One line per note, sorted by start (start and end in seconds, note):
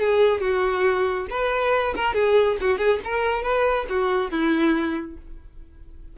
0.00 0.41 G#4
0.41 1.28 F#4
1.30 1.95 B4
1.96 2.14 A#4
2.14 2.58 G#4
2.61 2.79 F#4
2.79 3.00 G#4
3.05 3.43 A#4
3.43 3.87 B4
3.90 4.31 F#4
4.31 5.17 E4